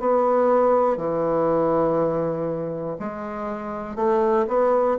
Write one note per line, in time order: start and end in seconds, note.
0.00 0.97 B3
0.97 2.97 E3
3.00 3.95 G#3
3.95 4.45 A3
4.47 4.97 B3